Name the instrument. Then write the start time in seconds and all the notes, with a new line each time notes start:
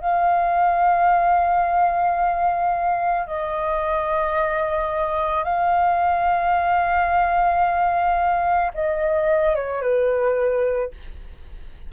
flute
0.00 F5
3.26 D#5
5.43 F5
8.74 D#5
9.55 C#5
9.81 B4